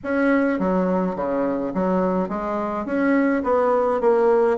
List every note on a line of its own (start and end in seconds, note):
0.03 0.59 C#4
0.59 1.15 F#3
1.15 1.72 C#3
1.74 2.29 F#3
2.29 2.85 G#3
2.85 3.42 C#4
3.43 4.00 B3
4.00 4.57 A#3